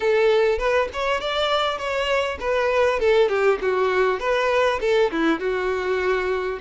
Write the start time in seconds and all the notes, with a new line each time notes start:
0.00 A4
0.58 B4
0.93 C#5
1.20 D5
1.78 C#5
2.39 B4
2.99 A4
3.28 G4
3.61 F#4
4.19 B4
4.80 A4
5.11 E4
5.39 F#4